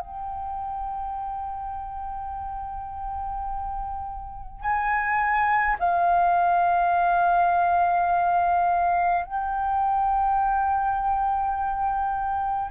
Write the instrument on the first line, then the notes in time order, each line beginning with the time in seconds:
flute
0.00 G5
4.62 G#5
5.80 F5
9.25 G5